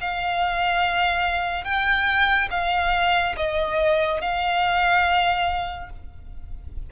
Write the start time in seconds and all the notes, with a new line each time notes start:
0.00 F5
1.64 G5
2.50 F5
3.36 D#5
4.21 F5